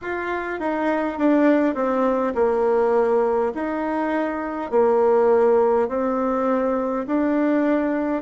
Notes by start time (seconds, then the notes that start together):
0.01 F4
0.59 D#4
1.18 D4
1.74 C4
2.35 A#3
3.54 D#4
4.71 A#3
5.88 C4
7.06 D4